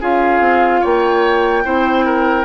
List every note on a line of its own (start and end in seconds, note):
0.00 0.39 C#4
0.00 1.64 F4
0.00 0.81 G#4
0.00 0.83 F5
0.39 0.80 C4
0.81 1.65 A#3
0.81 1.63 C#5
0.81 2.45 G5
1.64 2.45 C4
1.64 2.45 E4
1.64 2.05 C5
2.05 2.45 A#4